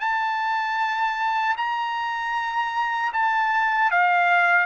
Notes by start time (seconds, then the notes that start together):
0.00 A5
1.57 A#5
3.13 A5
3.91 F5